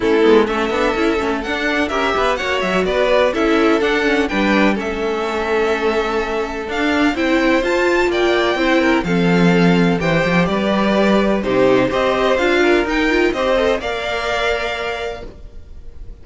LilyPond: <<
  \new Staff \with { instrumentName = "violin" } { \time 4/4 \tempo 4 = 126 a'4 e''2 fis''4 | e''4 fis''8 e''8 d''4 e''4 | fis''4 g''4 e''2~ | e''2 f''4 g''4 |
a''4 g''2 f''4~ | f''4 g''4 d''2 | c''4 dis''4 f''4 g''4 | dis''4 f''2. | }
  \new Staff \with { instrumentName = "violin" } { \time 4/4 e'4 a'2. | ais'8 b'8 cis''4 b'4 a'4~ | a'4 b'4 a'2~ | a'2. c''4~ |
c''4 d''4 c''8 ais'8 a'4~ | a'4 c''4 b'2 | g'4 c''4. ais'4. | c''4 d''2. | }
  \new Staff \with { instrumentName = "viola" } { \time 4/4 cis'8 b8 cis'8 d'8 e'8 cis'8 d'4 | g'4 fis'2 e'4 | d'8 cis'8 d'4 cis'2~ | cis'2 d'4 e'4 |
f'2 e'4 c'4~ | c'4 g'2. | dis'4 g'4 f'4 dis'8 f'8 | g'8 a'8 ais'2. | }
  \new Staff \with { instrumentName = "cello" } { \time 4/4 a8 gis8 a8 b8 cis'8 a8 d'4 | cis'8 b8 ais8 fis8 b4 cis'4 | d'4 g4 a2~ | a2 d'4 c'4 |
f'4 ais4 c'4 f4~ | f4 e8 f8 g2 | c4 c'4 d'4 dis'4 | c'4 ais2. | }
>>